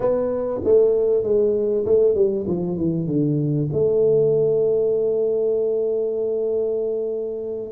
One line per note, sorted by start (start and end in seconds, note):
0.00 0.60 B3
0.64 1.23 A3
1.23 1.85 G#3
1.85 2.15 A3
2.15 2.45 G3
2.47 2.77 F3
2.77 3.07 E3
3.07 3.69 D3
3.73 7.72 A3